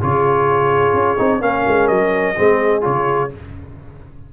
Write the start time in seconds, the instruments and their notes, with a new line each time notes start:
0.00 tuba C#3, trombone F4, horn G#4, trumpet C#5
0.93 tuba C#4
1.17 tuba C4, trombone D#4
1.40 tuba A#3, trombone C#4, horn A#4, trumpet F5
1.67 tuba G#3
1.87 tuba F#3, trumpet D#5
2.35 tuba G#3, trombone C4, horn G#4
2.81 tuba C#3, trombone F4, trumpet C#5